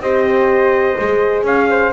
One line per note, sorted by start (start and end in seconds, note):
0.00 0.95 C4
0.00 0.96 G4
0.00 1.45 C5
0.00 1.44 D#5
0.96 1.43 G#3
0.96 1.92 G#4
1.43 1.90 C#4
1.43 1.69 C#5
1.43 1.93 F5
1.70 1.93 C5